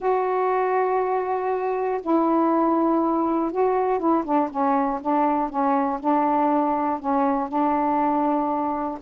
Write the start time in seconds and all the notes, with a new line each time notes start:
0.00 F#4
2.01 E4
3.51 F#4
3.99 E4
4.24 D4
4.50 C#4
5.01 D4
5.49 C#4
6.00 D4
6.99 C#4
7.48 D4